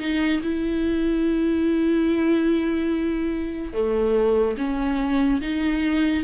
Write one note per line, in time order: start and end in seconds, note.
0.00 0.42 D#4
0.43 3.73 E4
3.73 4.57 A3
4.58 5.41 C#4
5.41 6.24 D#4